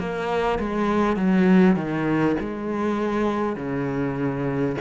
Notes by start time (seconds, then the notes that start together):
0.00 A#3
0.59 G#3
1.17 F#3
1.77 D#3
2.41 G#3
3.56 C#3